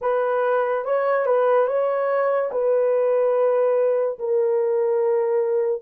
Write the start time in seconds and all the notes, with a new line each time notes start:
0.01 B4
0.84 C#5
1.25 B4
1.67 C#5
2.52 B4
4.18 A#4